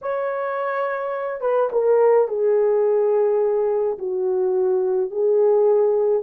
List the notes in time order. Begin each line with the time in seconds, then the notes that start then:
0.01 C#5
1.40 B4
1.71 A#4
2.28 G#4
3.98 F#4
5.10 G#4